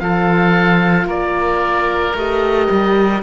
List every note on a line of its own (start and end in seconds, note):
0.00 1.06 F3
0.00 2.15 F4
0.00 1.07 A4
0.00 1.07 F5
1.06 2.13 A#3
1.06 3.21 A#4
1.06 2.17 D5
2.14 2.68 A3
2.14 3.23 G4
2.14 3.23 D#5
2.70 3.23 G3